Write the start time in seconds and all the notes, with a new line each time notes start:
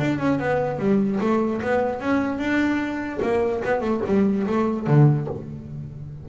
0.00 D4
0.19 C#4
0.39 B3
0.79 G3
1.21 A3
1.62 B3
2.01 C#4
2.38 D4
3.22 A#3
3.64 B3
3.81 A3
4.07 G3
4.47 A3
4.87 D3